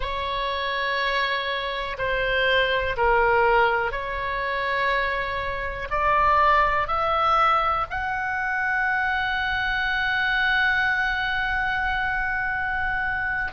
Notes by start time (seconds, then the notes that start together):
0.00 C#5
1.98 C5
2.96 A#4
3.91 C#5
5.90 D5
6.87 E5
7.90 F#5